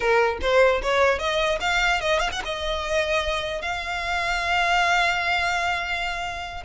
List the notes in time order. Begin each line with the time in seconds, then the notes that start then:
0.00 A#4
0.41 C5
0.82 C#5
1.18 D#5
1.60 F5
2.00 D#5
2.19 F5
2.32 F#5
2.45 D#5
3.61 F5